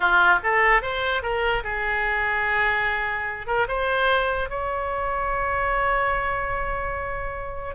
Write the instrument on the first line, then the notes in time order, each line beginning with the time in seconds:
oboe
0.00 F4
0.43 A4
0.82 C5
1.22 A#4
1.63 G#4
3.47 A#4
3.68 C5
4.49 C#5